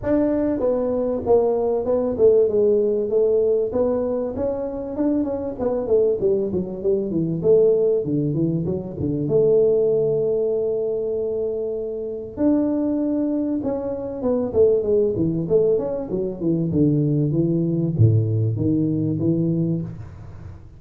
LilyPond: \new Staff \with { instrumentName = "tuba" } { \time 4/4 \tempo 4 = 97 d'4 b4 ais4 b8 a8 | gis4 a4 b4 cis'4 | d'8 cis'8 b8 a8 g8 fis8 g8 e8 | a4 d8 e8 fis8 d8 a4~ |
a1 | d'2 cis'4 b8 a8 | gis8 e8 a8 cis'8 fis8 e8 d4 | e4 a,4 dis4 e4 | }